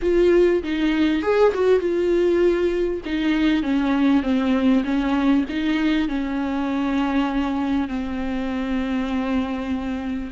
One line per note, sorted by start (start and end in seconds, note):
0.02 0.62 F4
0.63 1.22 D#4
1.22 1.52 G#4
1.54 1.79 F#4
1.79 3.00 F4
3.05 3.62 D#4
3.62 4.23 C#4
4.23 4.83 C4
4.84 5.45 C#4
5.49 6.08 D#4
6.08 7.88 C#4
7.88 10.30 C4